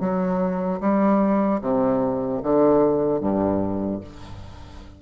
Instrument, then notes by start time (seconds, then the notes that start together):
bassoon
0.00 F#3
0.80 G3
1.61 C3
2.43 D3
3.20 G2